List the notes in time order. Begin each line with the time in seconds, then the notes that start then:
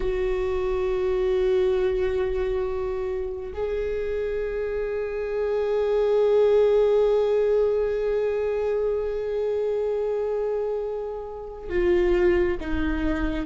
0.00 F#4
3.53 G#4
11.69 F4
12.60 D#4